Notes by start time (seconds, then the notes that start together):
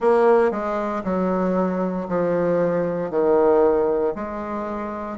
0.00 A#3
0.51 G#3
1.03 F#3
2.08 F3
3.10 D#3
4.15 G#3